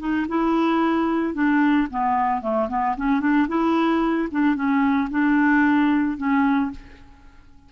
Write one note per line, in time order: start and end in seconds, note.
0.00 0.27 D#4
0.29 1.34 E4
1.34 1.88 D4
1.91 2.42 B3
2.42 2.69 A3
2.69 2.96 B3
2.97 3.21 C#4
3.21 3.48 D4
3.48 4.29 E4
4.32 4.56 D4
4.56 5.09 C#4
5.11 6.18 D4
6.18 6.71 C#4